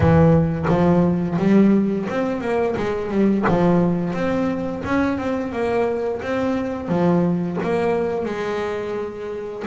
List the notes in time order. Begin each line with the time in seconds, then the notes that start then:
0.00 E3
0.68 F3
1.38 G3
2.09 C4
2.40 A#3
2.76 G#3
3.10 G3
3.48 F3
4.13 C4
4.84 C#4
5.18 C4
5.52 A#3
6.22 C4
6.88 F3
7.63 A#3
8.25 G#3